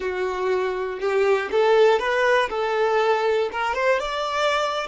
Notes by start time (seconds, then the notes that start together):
0.00 F#4
1.00 G4
1.51 A4
1.99 B4
2.49 A4
3.52 A#4
3.74 C5
3.99 D5